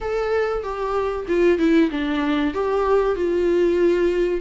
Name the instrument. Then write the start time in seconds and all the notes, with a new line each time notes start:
viola
0.00 A4
0.63 G4
1.27 F4
1.58 E4
1.90 D4
2.54 G4
3.15 F4